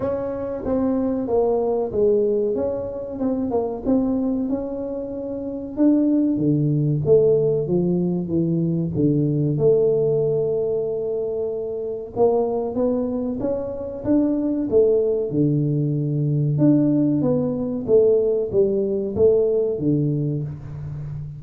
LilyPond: \new Staff \with { instrumentName = "tuba" } { \time 4/4 \tempo 4 = 94 cis'4 c'4 ais4 gis4 | cis'4 c'8 ais8 c'4 cis'4~ | cis'4 d'4 d4 a4 | f4 e4 d4 a4~ |
a2. ais4 | b4 cis'4 d'4 a4 | d2 d'4 b4 | a4 g4 a4 d4 | }